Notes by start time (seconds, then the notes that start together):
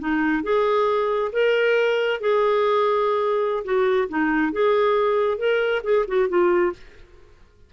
0.00 D#4
0.44 G#4
1.33 A#4
2.21 G#4
3.65 F#4
4.09 D#4
4.53 G#4
5.38 A#4
5.84 G#4
6.08 F#4
6.29 F4